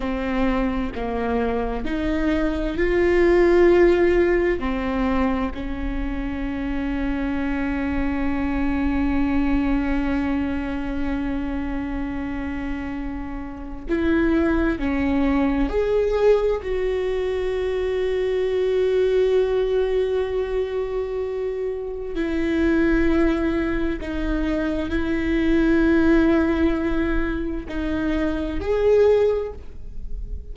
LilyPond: \new Staff \with { instrumentName = "viola" } { \time 4/4 \tempo 4 = 65 c'4 ais4 dis'4 f'4~ | f'4 c'4 cis'2~ | cis'1~ | cis'2. e'4 |
cis'4 gis'4 fis'2~ | fis'1 | e'2 dis'4 e'4~ | e'2 dis'4 gis'4 | }